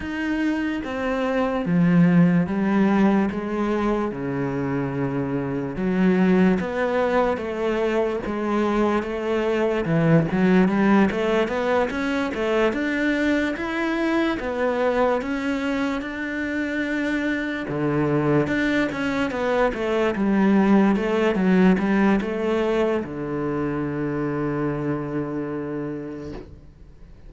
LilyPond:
\new Staff \with { instrumentName = "cello" } { \time 4/4 \tempo 4 = 73 dis'4 c'4 f4 g4 | gis4 cis2 fis4 | b4 a4 gis4 a4 | e8 fis8 g8 a8 b8 cis'8 a8 d'8~ |
d'8 e'4 b4 cis'4 d'8~ | d'4. d4 d'8 cis'8 b8 | a8 g4 a8 fis8 g8 a4 | d1 | }